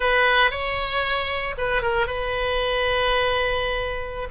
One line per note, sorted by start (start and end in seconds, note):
0.00 0.51 B4
0.51 1.55 C#5
1.57 1.81 B4
1.81 2.06 A#4
2.06 4.28 B4